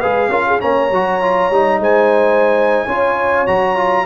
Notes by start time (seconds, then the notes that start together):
0.00 G#3 G#4 B4 F5
0.29 C#4 F4 A#4
0.47 G#4
0.60 A#3 C#4 C#5 A#5
0.91 F#3 F#4
1.22 F4
1.51 G3 D#4
1.80 G#3 C5 G#5
2.86 C#4 F4 C#5
3.47 F#3 F#4 A#5
3.76 F4